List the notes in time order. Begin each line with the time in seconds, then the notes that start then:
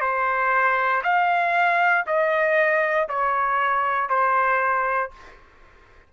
0.00 C5
1.03 F5
2.06 D#5
3.08 C#5
4.09 C5